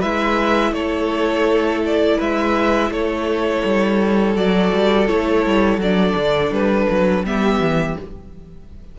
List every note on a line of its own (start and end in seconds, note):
0.00 0.72 G#3
0.00 4.36 E4
0.00 0.72 B4
0.00 0.74 E5
0.72 2.17 A3
0.72 2.18 A4
0.72 1.82 C#5
1.86 2.21 D5
2.18 2.91 G#3
2.18 2.91 B4
2.18 2.93 E5
2.91 3.63 A3
2.91 7.26 A4
2.91 4.37 C#5
3.65 4.37 G3
4.36 4.73 F#3
4.36 5.08 F#4
4.36 5.08 D5
4.74 5.10 G3
5.08 5.47 A3
5.08 5.81 E4
5.08 5.81 C#5
5.47 5.78 G3
5.78 6.14 F#3
5.78 7.25 D4
5.78 6.54 D5
6.16 6.51 D3
6.51 6.87 G3
6.51 7.26 B4
6.91 7.24 F#3
7.24 7.60 G3
7.24 7.98 B3
7.24 7.99 G4
7.24 7.99 E5
7.60 7.96 E3